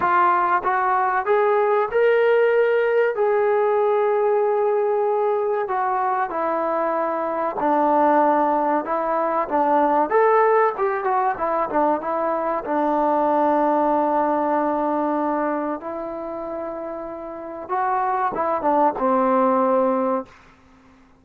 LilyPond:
\new Staff \with { instrumentName = "trombone" } { \time 4/4 \tempo 4 = 95 f'4 fis'4 gis'4 ais'4~ | ais'4 gis'2.~ | gis'4 fis'4 e'2 | d'2 e'4 d'4 |
a'4 g'8 fis'8 e'8 d'8 e'4 | d'1~ | d'4 e'2. | fis'4 e'8 d'8 c'2 | }